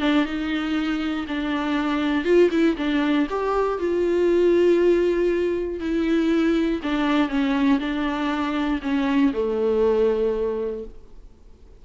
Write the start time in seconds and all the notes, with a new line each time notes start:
0.00 D4
0.25 D#4
1.28 D4
2.24 F4
2.51 E4
2.77 D4
3.30 G4
3.79 F4
5.80 E4
6.83 D4
7.29 C#4
7.80 D4
8.82 C#4
9.33 A3